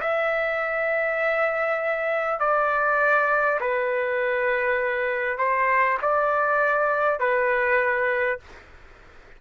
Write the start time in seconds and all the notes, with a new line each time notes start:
0.00 E5
2.39 D5
3.60 B4
5.37 C5
6.02 D5
7.19 B4